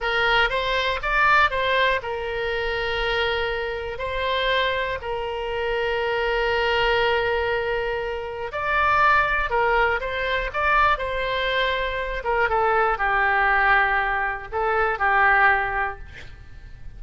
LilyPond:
\new Staff \with { instrumentName = "oboe" } { \time 4/4 \tempo 4 = 120 ais'4 c''4 d''4 c''4 | ais'1 | c''2 ais'2~ | ais'1~ |
ais'4 d''2 ais'4 | c''4 d''4 c''2~ | c''8 ais'8 a'4 g'2~ | g'4 a'4 g'2 | }